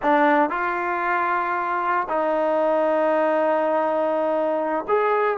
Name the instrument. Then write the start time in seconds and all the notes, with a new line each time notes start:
trombone
0.02 D4
0.49 F4
2.08 D#4
4.88 G#4